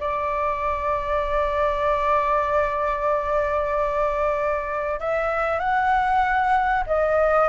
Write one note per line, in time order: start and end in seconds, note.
0.00 5.00 D5
5.00 5.59 E5
5.59 6.84 F#5
6.87 7.49 D#5